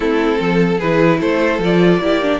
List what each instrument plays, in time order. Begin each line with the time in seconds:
0.00 cello A3, viola C4, violin E4 A4
0.38 cello F3, violin A4
0.78 cello E3, viola E4, violin G#4 B4
1.19 cello A3, violin A4 C5
1.58 cello F3, viola F4
1.64 violin D5
1.99 cello A#3, viola E4, violin G4
2.22 viola D4